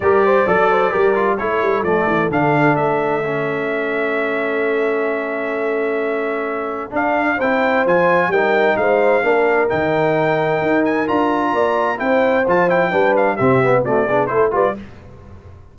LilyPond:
<<
  \new Staff \with { instrumentName = "trumpet" } { \time 4/4 \tempo 4 = 130 d''2. cis''4 | d''4 f''4 e''2~ | e''1~ | e''2. f''4 |
g''4 gis''4 g''4 f''4~ | f''4 g''2~ g''8 gis''8 | ais''2 g''4 a''8 g''8~ | g''8 f''8 e''4 d''4 c''8 d''8 | }
  \new Staff \with { instrumentName = "horn" } { \time 4/4 ais'8 c''8 d''8 c''8 ais'4 a'4~ | a'1~ | a'1~ | a'1 |
c''2 ais'4 c''4 | ais'1~ | ais'4 d''4 c''2 | b'4 g'4 fis'8 gis'8 a'8 b'8 | }
  \new Staff \with { instrumentName = "trombone" } { \time 4/4 g'4 a'4 g'8 f'8 e'4 | a4 d'2 cis'4~ | cis'1~ | cis'2. d'4 |
e'4 f'4 dis'2 | d'4 dis'2. | f'2 e'4 f'8 e'8 | d'4 c'8 b8 a8 d'8 e'8 f'8 | }
  \new Staff \with { instrumentName = "tuba" } { \time 4/4 g4 fis4 g4 a8 g8 | f8 e8 d4 a2~ | a1~ | a2. d'4 |
c'4 f4 g4 gis4 | ais4 dis2 dis'4 | d'4 ais4 c'4 f4 | g4 c4 c'8 b8 a8 g8 | }
>>